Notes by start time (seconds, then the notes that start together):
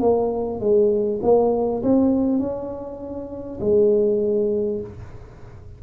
0.00 A#3
0.60 G#3
1.22 A#3
1.82 C4
2.39 C#4
3.60 G#3